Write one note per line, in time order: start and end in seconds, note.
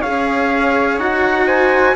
0.00 0.98 C#4
0.00 1.00 G#4
0.00 1.45 C#5
0.00 0.98 F5
0.98 1.95 D#4
0.98 1.95 F#4
0.98 1.47 F#5
1.46 1.95 C5
1.46 1.95 G#5